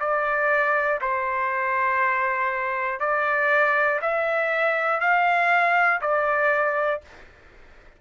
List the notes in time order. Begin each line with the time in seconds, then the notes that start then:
0.00 D5
1.00 C5
3.00 D5
4.01 E5
5.00 F5
6.00 D5